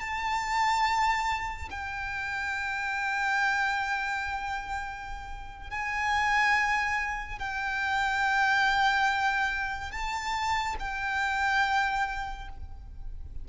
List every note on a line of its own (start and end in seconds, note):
0.00 1.69 A5
1.70 5.70 G5
5.70 7.39 G#5
7.39 9.91 G5
9.91 10.76 A5
10.79 12.48 G5